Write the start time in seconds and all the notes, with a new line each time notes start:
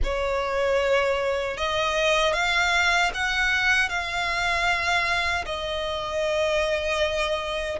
0.03 C#5
1.57 D#5
2.33 F5
3.13 F#5
3.89 F5
5.45 D#5